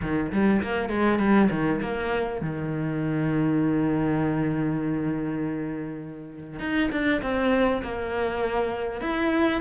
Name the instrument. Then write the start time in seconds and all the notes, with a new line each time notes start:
cello
0.01 D#3
0.31 G3
0.62 A#3
0.89 G#3
1.18 G3
1.50 D#3
1.81 A#3
2.41 D#3
6.59 D#4
6.91 D4
7.22 C4
7.82 A#3
9.01 E4